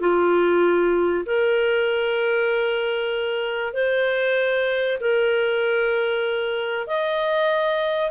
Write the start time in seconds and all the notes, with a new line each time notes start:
0.00 F4
1.26 A#4
3.74 C5
5.00 A#4
6.87 D#5